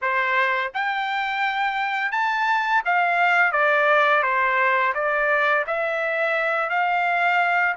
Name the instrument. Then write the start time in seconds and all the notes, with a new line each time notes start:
trumpet
0.01 C5
0.74 G5
2.11 A5
2.85 F5
3.52 D5
4.22 C5
4.94 D5
5.66 E5
6.69 F5